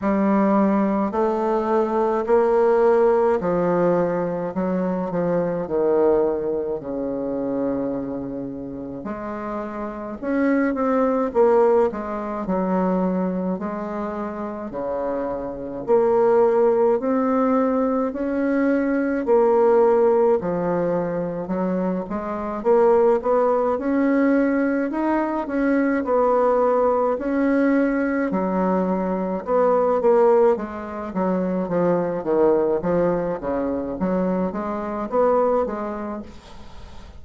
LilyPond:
\new Staff \with { instrumentName = "bassoon" } { \time 4/4 \tempo 4 = 53 g4 a4 ais4 f4 | fis8 f8 dis4 cis2 | gis4 cis'8 c'8 ais8 gis8 fis4 | gis4 cis4 ais4 c'4 |
cis'4 ais4 f4 fis8 gis8 | ais8 b8 cis'4 dis'8 cis'8 b4 | cis'4 fis4 b8 ais8 gis8 fis8 | f8 dis8 f8 cis8 fis8 gis8 b8 gis8 | }